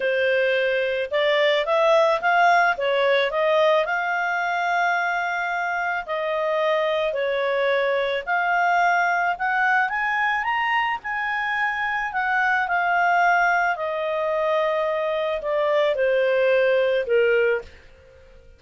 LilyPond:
\new Staff \with { instrumentName = "clarinet" } { \time 4/4 \tempo 4 = 109 c''2 d''4 e''4 | f''4 cis''4 dis''4 f''4~ | f''2. dis''4~ | dis''4 cis''2 f''4~ |
f''4 fis''4 gis''4 ais''4 | gis''2 fis''4 f''4~ | f''4 dis''2. | d''4 c''2 ais'4 | }